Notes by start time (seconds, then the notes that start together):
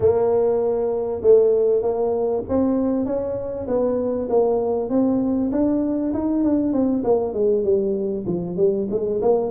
0.00 A#3
1.21 A3
1.82 A#3
2.48 C4
3.05 C#4
3.67 B3
4.29 A#3
4.89 C4
5.51 D4
6.13 D#4
6.43 D4
6.72 C4
7.04 A#3
7.33 G#3
7.64 G3
8.26 F3
8.57 G3
8.90 G#3
9.21 A#3